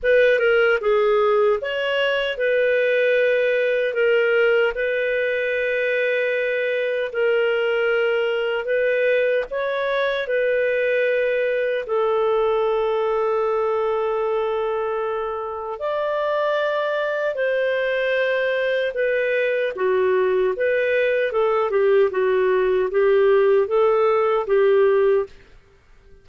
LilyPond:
\new Staff \with { instrumentName = "clarinet" } { \time 4/4 \tempo 4 = 76 b'8 ais'8 gis'4 cis''4 b'4~ | b'4 ais'4 b'2~ | b'4 ais'2 b'4 | cis''4 b'2 a'4~ |
a'1 | d''2 c''2 | b'4 fis'4 b'4 a'8 g'8 | fis'4 g'4 a'4 g'4 | }